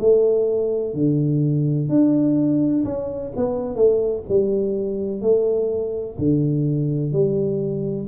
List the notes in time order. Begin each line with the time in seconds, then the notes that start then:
0.00 A3
0.94 D3
1.89 D4
2.85 C#4
3.37 B3
3.75 A3
4.29 G3
5.22 A3
6.18 D3
7.13 G3